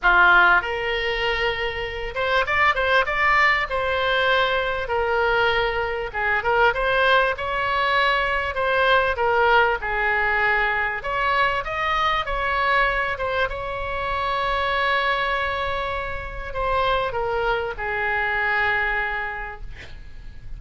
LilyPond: \new Staff \with { instrumentName = "oboe" } { \time 4/4 \tempo 4 = 98 f'4 ais'2~ ais'8 c''8 | d''8 c''8 d''4 c''2 | ais'2 gis'8 ais'8 c''4 | cis''2 c''4 ais'4 |
gis'2 cis''4 dis''4 | cis''4. c''8 cis''2~ | cis''2. c''4 | ais'4 gis'2. | }